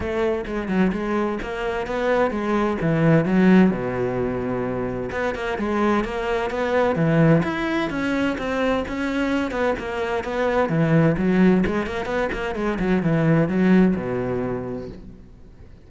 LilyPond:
\new Staff \with { instrumentName = "cello" } { \time 4/4 \tempo 4 = 129 a4 gis8 fis8 gis4 ais4 | b4 gis4 e4 fis4 | b,2. b8 ais8 | gis4 ais4 b4 e4 |
e'4 cis'4 c'4 cis'4~ | cis'8 b8 ais4 b4 e4 | fis4 gis8 ais8 b8 ais8 gis8 fis8 | e4 fis4 b,2 | }